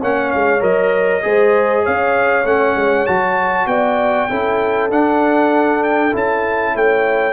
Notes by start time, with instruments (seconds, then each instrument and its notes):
0.00 tuba A#3, trombone C#4, horn C#5, trumpet F#5
0.31 tuba G#3, trumpet F5
0.60 tuba F#3, trombone A#4, trumpet D#5
1.22 tuba G#3, trombone G#4, horn C5
1.83 tuba C#4, horn C#5, trumpet F5
2.44 tuba A3, trombone C#4, trumpet F#5
2.76 tuba G#3
3.06 tuba F#3, trombone F#4, trumpet A5
3.66 tuba B3, horn D5, trumpet G5
4.29 tuba C#4, trombone E4, horn A4
4.90 tuba D4, trombone D4, trumpet F#5
5.83 trumpet G5
6.11 tuba C#4, trombone E4, trumpet A5
6.75 tuba A3, horn C#5, trumpet G5